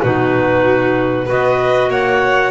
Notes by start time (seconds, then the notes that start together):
0.00 B2 D#4 F#4 B4
1.25 B3 F#4 B4 D#5
1.89 A#3 C#5 F#5